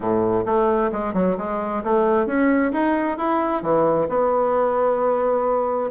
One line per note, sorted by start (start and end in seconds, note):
0.00 0.44 A2
0.45 0.90 A3
0.92 1.13 G#3
1.13 1.36 F#3
1.37 1.83 G#3
1.83 2.26 A3
2.26 2.71 C#4
2.72 3.17 D#4
3.17 3.62 E4
3.62 4.07 E3
4.08 5.90 B3